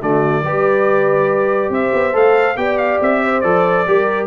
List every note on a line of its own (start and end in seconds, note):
0.00 0.42 D3
0.00 0.44 A3
0.00 0.43 F#4
0.00 1.73 D5
0.42 1.69 G3
0.42 2.13 G4
0.42 1.71 B4
1.69 1.91 C4
1.69 2.57 C5
1.69 2.16 E5
1.93 2.14 B3
2.13 2.56 A3
2.13 2.55 A4
2.13 2.57 F5
2.56 2.99 B3
2.56 3.42 G4
2.56 3.22 D5
2.56 2.77 G5
2.77 2.99 F5
3.01 3.43 C4
3.01 3.41 E5
3.22 3.86 C5
3.41 3.86 F3
3.41 3.86 A4
3.41 4.26 D5
3.87 4.27 G3
3.87 4.27 G4
3.87 4.27 A#4